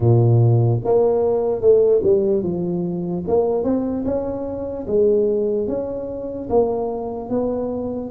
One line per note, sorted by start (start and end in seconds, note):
0.00 0.80 A#2
0.84 1.61 A#3
1.61 2.01 A3
2.03 2.43 G3
2.43 3.24 F3
3.27 3.63 A#3
3.63 4.04 C4
4.05 4.86 C#4
4.86 5.67 G#3
5.67 6.48 C#4
6.49 7.29 A#3
7.29 8.10 B3